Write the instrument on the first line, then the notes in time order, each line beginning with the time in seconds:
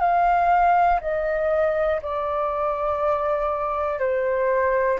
flute
0.00 F5
1.00 D#5
2.01 D5
3.99 C5